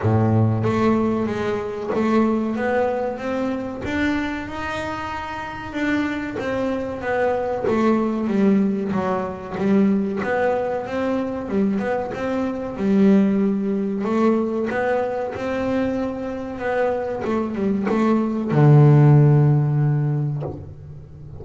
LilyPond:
\new Staff \with { instrumentName = "double bass" } { \time 4/4 \tempo 4 = 94 a,4 a4 gis4 a4 | b4 c'4 d'4 dis'4~ | dis'4 d'4 c'4 b4 | a4 g4 fis4 g4 |
b4 c'4 g8 b8 c'4 | g2 a4 b4 | c'2 b4 a8 g8 | a4 d2. | }